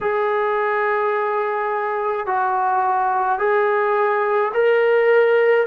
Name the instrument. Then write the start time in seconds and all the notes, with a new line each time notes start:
trombone
0.00 G#4
2.26 F#4
3.38 G#4
4.53 A#4